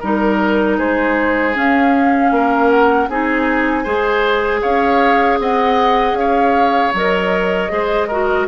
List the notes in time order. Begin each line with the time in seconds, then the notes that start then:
0.00 G3 D#4 A#4
0.78 G#3 G#4 C5
1.55 C#4 F5
2.31 A#3 A#4
2.70 F#5
3.09 C4 D#4 G#4 G#5
3.84 G#3 G#4 C5
4.62 C#4 C#5 F5
5.39 C4 D#5 F#5
6.13 C#4 C#5 F5
6.94 F#3 A#4 D#5
7.69 G#3 G#4 C5
8.08 F#4 A#4